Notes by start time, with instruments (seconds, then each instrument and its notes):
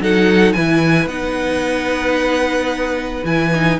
0.00 cello F#3, viola D#4, violin A4 F#5
0.53 cello E3, viola E4, violin B4 G#5
1.06 cello B3, viola D#4, violin F#5
3.24 cello E3, viola E4, violin G#5
3.55 viola D#4